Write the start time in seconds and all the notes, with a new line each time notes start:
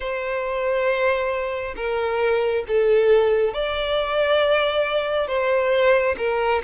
0.00 C5
1.76 A#4
2.67 A4
3.53 D5
5.27 C5
6.17 A#4